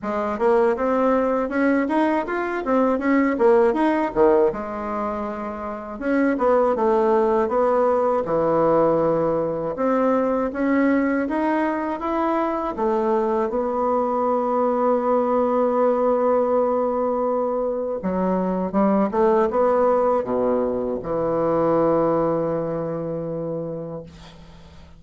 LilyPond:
\new Staff \with { instrumentName = "bassoon" } { \time 4/4 \tempo 4 = 80 gis8 ais8 c'4 cis'8 dis'8 f'8 c'8 | cis'8 ais8 dis'8 dis8 gis2 | cis'8 b8 a4 b4 e4~ | e4 c'4 cis'4 dis'4 |
e'4 a4 b2~ | b1 | fis4 g8 a8 b4 b,4 | e1 | }